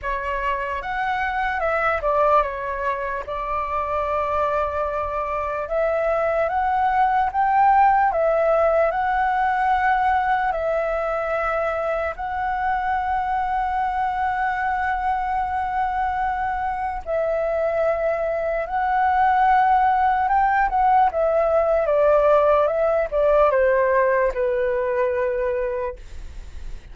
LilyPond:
\new Staff \with { instrumentName = "flute" } { \time 4/4 \tempo 4 = 74 cis''4 fis''4 e''8 d''8 cis''4 | d''2. e''4 | fis''4 g''4 e''4 fis''4~ | fis''4 e''2 fis''4~ |
fis''1~ | fis''4 e''2 fis''4~ | fis''4 g''8 fis''8 e''4 d''4 | e''8 d''8 c''4 b'2 | }